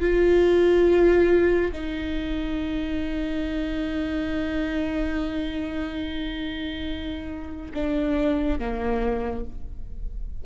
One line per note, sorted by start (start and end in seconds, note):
0.00 1.71 F4
1.72 7.72 D#4
7.74 8.59 D4
8.59 9.44 A#3